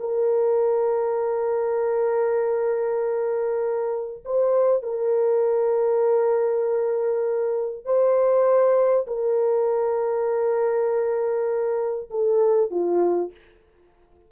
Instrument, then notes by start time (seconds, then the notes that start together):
horn
0.00 A#4
4.25 C5
4.83 A#4
7.85 C5
9.07 A#4
12.10 A4
12.71 F4